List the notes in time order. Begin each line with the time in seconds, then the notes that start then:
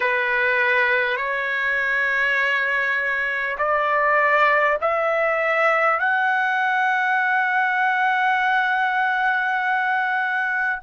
0.00 B4
1.16 C#5
3.57 D5
4.81 E5
5.99 F#5